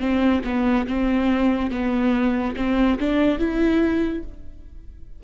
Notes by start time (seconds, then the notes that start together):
0.00 C4
0.45 B3
0.87 C4
1.71 B3
2.57 C4
3.00 D4
3.39 E4